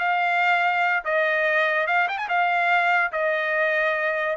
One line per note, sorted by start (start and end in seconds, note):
0.00 1.04 F5
1.05 1.87 D#5
1.87 2.08 F5
2.09 2.18 G5
2.18 2.29 G#5
2.29 3.12 F5
3.13 4.37 D#5